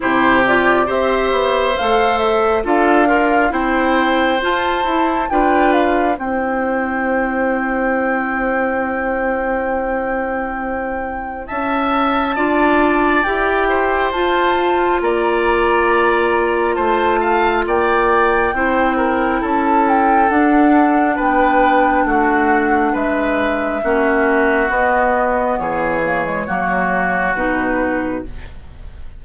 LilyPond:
<<
  \new Staff \with { instrumentName = "flute" } { \time 4/4 \tempo 4 = 68 c''8 d''8 e''4 f''8 e''8 f''4 | g''4 a''4 g''8 f''8 g''4~ | g''1~ | g''4 a''2 g''4 |
a''4 ais''2 a''4 | g''2 a''8 g''8 fis''4 | g''4 fis''4 e''2 | dis''4 cis''2 b'4 | }
  \new Staff \with { instrumentName = "oboe" } { \time 4/4 g'4 c''2 a'8 f'8 | c''2 b'4 c''4~ | c''1~ | c''4 e''4 d''4. c''8~ |
c''4 d''2 c''8 f''8 | d''4 c''8 ais'8 a'2 | b'4 fis'4 b'4 fis'4~ | fis'4 gis'4 fis'2 | }
  \new Staff \with { instrumentName = "clarinet" } { \time 4/4 e'8 f'8 g'4 a'4 f'8 ais'8 | e'4 f'8 e'8 f'4 e'4~ | e'1~ | e'2 f'4 g'4 |
f'1~ | f'4 e'2 d'4~ | d'2. cis'4 | b4. ais16 gis16 ais4 dis'4 | }
  \new Staff \with { instrumentName = "bassoon" } { \time 4/4 c4 c'8 b8 a4 d'4 | c'4 f'8 e'8 d'4 c'4~ | c'1~ | c'4 cis'4 d'4 e'4 |
f'4 ais2 a4 | ais4 c'4 cis'4 d'4 | b4 a4 gis4 ais4 | b4 e4 fis4 b,4 | }
>>